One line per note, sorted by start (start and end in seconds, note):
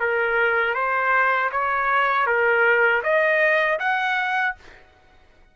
0.00 0.74 A#4
0.74 1.50 C5
1.52 2.26 C#5
2.26 3.02 A#4
3.03 3.79 D#5
3.79 4.55 F#5